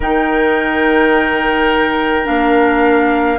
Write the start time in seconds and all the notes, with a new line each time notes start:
0.00 D#3 D#4 A#4 G5
2.24 A#3 D4 F5